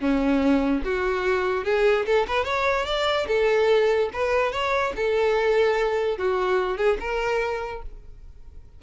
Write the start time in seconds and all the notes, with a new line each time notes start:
0.00 C#4
0.84 F#4
1.64 G#4
2.06 A4
2.28 B4
2.44 C#5
2.85 D5
3.27 A4
4.13 B4
4.51 C#5
4.96 A4
6.18 F#4
6.77 G#4
7.00 A#4